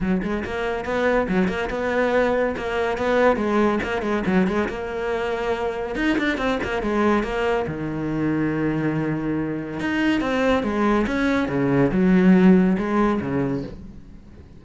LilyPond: \new Staff \with { instrumentName = "cello" } { \time 4/4 \tempo 4 = 141 fis8 gis8 ais4 b4 fis8 ais8 | b2 ais4 b4 | gis4 ais8 gis8 fis8 gis8 ais4~ | ais2 dis'8 d'8 c'8 ais8 |
gis4 ais4 dis2~ | dis2. dis'4 | c'4 gis4 cis'4 cis4 | fis2 gis4 cis4 | }